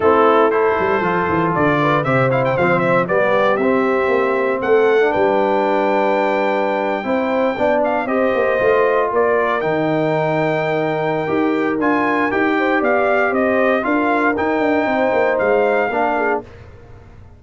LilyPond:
<<
  \new Staff \with { instrumentName = "trumpet" } { \time 4/4 \tempo 4 = 117 a'4 c''2 d''4 | e''8 f''16 g''16 f''8 e''8 d''4 e''4~ | e''4 fis''4 g''2~ | g''2.~ g''16 f''8 dis''16~ |
dis''4.~ dis''16 d''4 g''4~ g''16~ | g''2. gis''4 | g''4 f''4 dis''4 f''4 | g''2 f''2 | }
  \new Staff \with { instrumentName = "horn" } { \time 4/4 e'4 a'2~ a'8 b'8 | c''2 g'2~ | g'4 a'4 b'2~ | b'4.~ b'16 c''4 d''4 c''16~ |
c''4.~ c''16 ais'2~ ais'16~ | ais'1~ | ais'8 c''8 d''4 c''4 ais'4~ | ais'4 c''2 ais'8 gis'8 | }
  \new Staff \with { instrumentName = "trombone" } { \time 4/4 c'4 e'4 f'2 | g'8 e'8 c'4 b4 c'4~ | c'4.~ c'16 d'2~ d'16~ | d'4.~ d'16 e'4 d'4 g'16~ |
g'8. f'2 dis'4~ dis'16~ | dis'2 g'4 f'4 | g'2. f'4 | dis'2. d'4 | }
  \new Staff \with { instrumentName = "tuba" } { \time 4/4 a4. g8 f8 e8 d4 | c4 f4 g4 c'4 | ais4 a4 g2~ | g4.~ g16 c'4 b4 c'16~ |
c'16 ais8 a4 ais4 dis4~ dis16~ | dis2 dis'4 d'4 | dis'4 b4 c'4 d'4 | dis'8 d'8 c'8 ais8 gis4 ais4 | }
>>